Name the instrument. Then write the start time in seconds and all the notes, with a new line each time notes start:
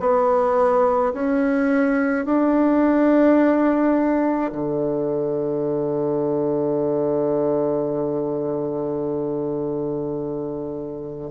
bassoon
0.00 B3
1.13 C#4
2.25 D4
4.52 D3